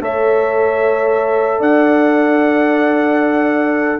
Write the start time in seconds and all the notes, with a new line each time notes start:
0.00 A3 A4 C#5 E5
1.59 D4 D5 F#5